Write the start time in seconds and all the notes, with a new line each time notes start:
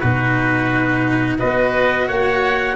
0.00 B2 D#4 F#4 B4
1.39 B3 F#4 B4 D#5
2.08 A#3 C#5 F#5